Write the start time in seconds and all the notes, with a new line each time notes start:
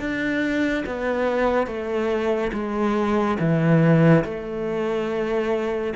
0.00 D4
0.86 B3
1.67 A3
2.53 G#3
3.40 E3
4.25 A3